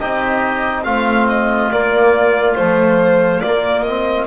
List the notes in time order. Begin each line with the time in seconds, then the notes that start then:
0.00 C4 D#4 G4 D#5
0.83 A3 C4 F4 F5
1.29 D#5
1.71 A#3 D5
2.55 F3 A3 C5
3.41 A#3 D5
3.82 C4 D#5